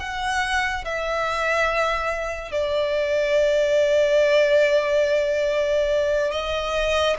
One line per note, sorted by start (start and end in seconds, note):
0.00 0.85 F#5
0.85 2.52 E5
2.52 6.31 D5
6.31 7.16 D#5